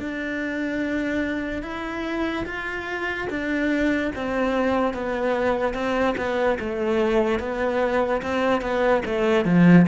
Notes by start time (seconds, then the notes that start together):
0.00 D4
1.63 E4
2.46 F4
3.30 D4
4.16 C4
4.94 B3
5.74 C4
6.18 B3
6.60 A3
7.40 B3
8.22 C4
8.62 B3
9.06 A3
9.46 F3